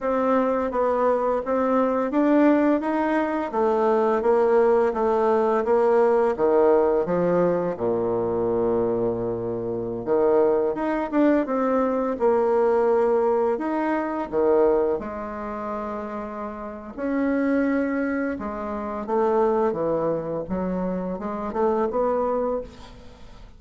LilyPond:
\new Staff \with { instrumentName = "bassoon" } { \time 4/4 \tempo 4 = 85 c'4 b4 c'4 d'4 | dis'4 a4 ais4 a4 | ais4 dis4 f4 ais,4~ | ais,2~ ais,16 dis4 dis'8 d'16~ |
d'16 c'4 ais2 dis'8.~ | dis'16 dis4 gis2~ gis8. | cis'2 gis4 a4 | e4 fis4 gis8 a8 b4 | }